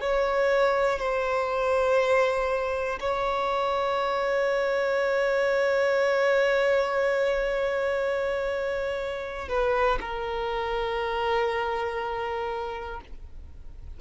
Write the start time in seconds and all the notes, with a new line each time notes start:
0.00 C#5
0.99 C5
3.00 C#5
9.49 B4
10.00 A#4